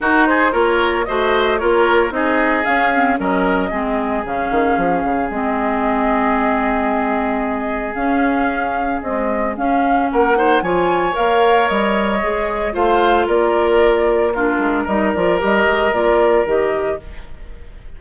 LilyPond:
<<
  \new Staff \with { instrumentName = "flute" } { \time 4/4 \tempo 4 = 113 ais'8 c''8 cis''4 dis''4 cis''4 | dis''4 f''4 dis''2 | f''2 dis''2~ | dis''2. f''4~ |
f''4 dis''4 f''4 fis''4 | gis''4 f''4 dis''2 | f''4 d''2 ais'4 | dis''8 d''8 dis''4 d''4 dis''4 | }
  \new Staff \with { instrumentName = "oboe" } { \time 4/4 fis'8 gis'8 ais'4 c''4 ais'4 | gis'2 ais'4 gis'4~ | gis'1~ | gis'1~ |
gis'2. ais'8 c''8 | cis''1 | c''4 ais'2 f'4 | ais'1 | }
  \new Staff \with { instrumentName = "clarinet" } { \time 4/4 dis'4 f'4 fis'4 f'4 | dis'4 cis'8 c'8 cis'4 c'4 | cis'2 c'2~ | c'2. cis'4~ |
cis'4 gis4 cis'4. dis'8 | f'4 ais'2 gis'4 | f'2. d'4 | dis'8 f'8 g'4 f'4 g'4 | }
  \new Staff \with { instrumentName = "bassoon" } { \time 4/4 dis'4 ais4 a4 ais4 | c'4 cis'4 fis4 gis4 | cis8 dis8 f8 cis8 gis2~ | gis2. cis'4~ |
cis'4 c'4 cis'4 ais4 | f4 ais4 g4 gis4 | a4 ais2~ ais8 gis8 | g8 f8 g8 gis8 ais4 dis4 | }
>>